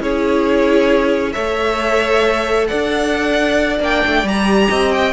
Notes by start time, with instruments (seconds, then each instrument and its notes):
0.00 cello C#4, viola E4, violin G#4 C#5
1.33 cello A3, viola A4, violin C#5 E5
2.68 cello D4, violin D5 F#5
3.80 cello A#3, viola D4, violin G5
4.07 cello A3
4.24 cello G3, viola G4, violin A#5
4.69 cello C4, violin D#5
4.92 violin G5